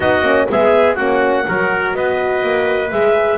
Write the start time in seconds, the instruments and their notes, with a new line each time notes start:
0.00 double bass B3, horn D#4, trumpet F#4, clarinet D#5
0.21 double bass A#3, horn C#4
0.50 double bass G#3, horn B3, trumpet G#4, clarinet E5
0.95 double bass A#3, horn C#4, trumpet F#4, clarinet F#5
1.45 double bass F#3, horn F#4, trumpet A#4
1.93 double bass B3, trumpet B4, clarinet D#5
2.42 double bass A#3
2.91 double bass G#3, horn G#4, clarinet E5